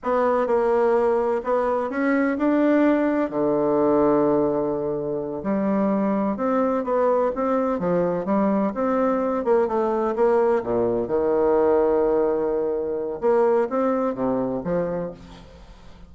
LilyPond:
\new Staff \with { instrumentName = "bassoon" } { \time 4/4 \tempo 4 = 127 b4 ais2 b4 | cis'4 d'2 d4~ | d2.~ d8 g8~ | g4. c'4 b4 c'8~ |
c'8 f4 g4 c'4. | ais8 a4 ais4 ais,4 dis8~ | dis1 | ais4 c'4 c4 f4 | }